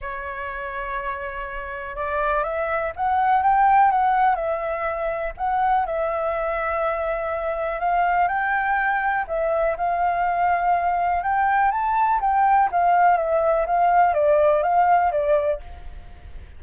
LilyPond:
\new Staff \with { instrumentName = "flute" } { \time 4/4 \tempo 4 = 123 cis''1 | d''4 e''4 fis''4 g''4 | fis''4 e''2 fis''4 | e''1 |
f''4 g''2 e''4 | f''2. g''4 | a''4 g''4 f''4 e''4 | f''4 d''4 f''4 d''4 | }